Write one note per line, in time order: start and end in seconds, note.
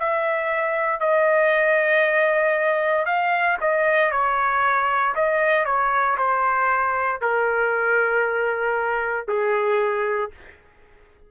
0.00 1.01 E5
1.01 3.06 D#5
3.06 3.58 F5
3.61 4.11 D#5
4.11 5.15 C#5
5.16 5.66 D#5
5.66 6.17 C#5
6.18 7.21 C5
7.22 9.28 A#4
9.28 10.31 G#4